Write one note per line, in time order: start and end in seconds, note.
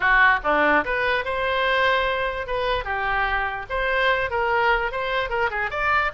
0.00 0.39 F#4
0.43 0.84 D4
0.84 1.24 B4
1.24 2.46 C5
2.46 2.84 B4
2.84 3.66 G4
3.69 4.30 C5
4.30 4.91 A#4
4.91 5.29 C5
5.29 5.50 A#4
5.50 5.70 G#4
5.70 6.11 D5